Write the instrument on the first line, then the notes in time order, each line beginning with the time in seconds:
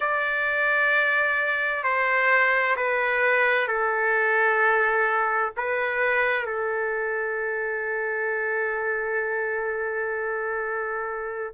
trumpet
0.00 D5
1.83 C5
2.76 B4
3.67 A4
5.56 B4
6.45 A4